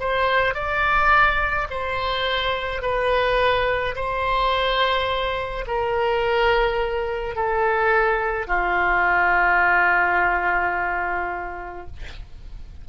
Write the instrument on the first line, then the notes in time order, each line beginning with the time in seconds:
oboe
0.00 C5
0.54 D5
1.70 C5
2.82 B4
3.96 C5
5.67 A#4
7.35 A4
8.47 F4